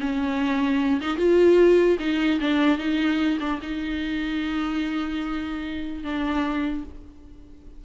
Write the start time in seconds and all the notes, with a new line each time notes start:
0.00 C#4
1.01 D#4
1.17 F4
2.00 D#4
2.41 D4
2.78 D#4
3.40 D4
3.62 D#4
6.04 D4